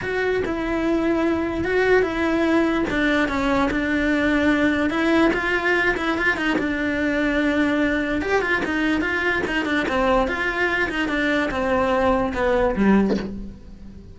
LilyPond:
\new Staff \with { instrumentName = "cello" } { \time 4/4 \tempo 4 = 146 fis'4 e'2. | fis'4 e'2 d'4 | cis'4 d'2. | e'4 f'4. e'8 f'8 dis'8 |
d'1 | g'8 f'8 dis'4 f'4 dis'8 d'8 | c'4 f'4. dis'8 d'4 | c'2 b4 g4 | }